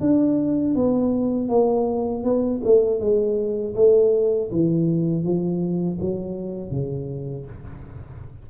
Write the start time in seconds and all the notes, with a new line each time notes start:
0.00 D4
0.75 B3
1.48 A#3
2.23 B3
2.64 A3
2.99 G#3
3.75 A3
4.51 E3
5.23 F3
6.00 F#3
6.70 C#3